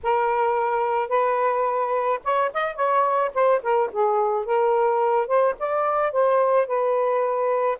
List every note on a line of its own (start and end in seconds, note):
0.03 1.08 A#4
1.08 2.19 B4
2.24 2.52 C#5
2.53 2.75 D#5
2.75 3.31 C#5
3.34 3.61 C5
3.62 3.90 A#4
3.92 4.45 G#4
4.45 5.27 A#4
5.27 5.54 C5
5.59 6.11 D5
6.11 6.67 C5
6.67 7.78 B4